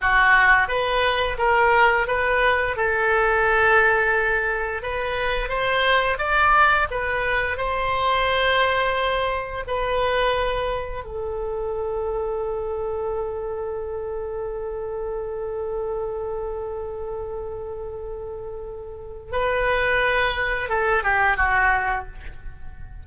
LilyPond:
\new Staff \with { instrumentName = "oboe" } { \time 4/4 \tempo 4 = 87 fis'4 b'4 ais'4 b'4 | a'2. b'4 | c''4 d''4 b'4 c''4~ | c''2 b'2 |
a'1~ | a'1~ | a'1 | b'2 a'8 g'8 fis'4 | }